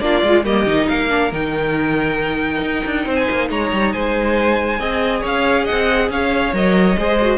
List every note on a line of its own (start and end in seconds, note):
0.00 0.22 A#3
0.00 0.23 D4
0.00 0.45 F4
0.00 0.43 D5
0.23 0.44 G#3
0.23 0.44 F4
0.44 0.66 G3
0.44 0.66 A#3
0.44 0.88 G4
0.44 0.88 D#5
0.66 0.88 D#3
0.66 1.10 D#4
0.88 1.32 A#3
0.88 3.05 A#4
0.88 1.32 F5
1.10 1.31 D4
1.32 2.62 D#3
1.32 4.79 D#4
1.32 3.15 G5
2.62 2.84 D#4
2.86 3.06 D4
3.05 3.28 C4
3.05 3.49 C5
3.15 3.48 G#5
3.31 3.50 A#3
3.50 3.72 G#3
3.50 3.94 C#5
3.50 3.93 A#5
3.73 3.94 G3
3.93 4.79 G#3
3.93 4.80 C5
3.93 5.23 G#5
4.79 5.23 C4
4.79 6.53 G#4
4.79 5.21 D#5
5.21 5.68 C#4
5.21 5.64 C#5
5.21 5.66 F5
5.64 6.08 D#5
5.64 6.10 F#5
5.71 6.10 C4
6.10 6.53 C#4
6.10 6.99 C#5
6.10 6.55 F5
6.53 6.96 F#3
6.53 6.97 A#4
6.53 7.38 D#5
6.98 7.38 G#3
6.98 7.20 G#4
6.98 7.38 C5
7.22 7.38 F#4